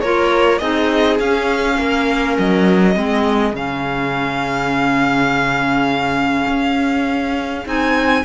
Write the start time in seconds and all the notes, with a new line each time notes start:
0.00 A#3 F4 A#4 C#5
0.58 C4 D#4 G#4 D#5
1.19 C#4 F5
1.78 A#3 A#4
2.38 F#3 D#5
2.94 G#3 C4 G#4
3.52 C#3 C#4 F5
6.47 C#4
7.65 C4 D#4 G#5